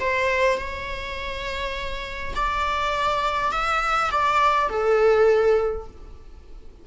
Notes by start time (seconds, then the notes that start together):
0.00 C5
0.58 C#5
2.36 D5
3.52 E5
4.11 D5
4.69 A4